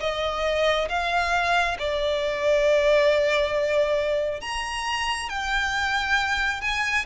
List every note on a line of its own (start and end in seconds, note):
0.00 0.88 D#5
0.89 1.77 F5
1.78 4.41 D5
4.41 5.29 A#5
5.29 6.61 G5
6.61 7.05 G#5